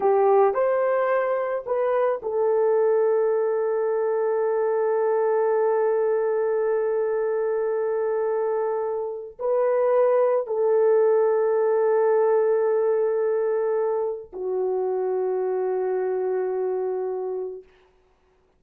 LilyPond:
\new Staff \with { instrumentName = "horn" } { \time 4/4 \tempo 4 = 109 g'4 c''2 b'4 | a'1~ | a'1~ | a'1~ |
a'4 b'2 a'4~ | a'1~ | a'2 fis'2~ | fis'1 | }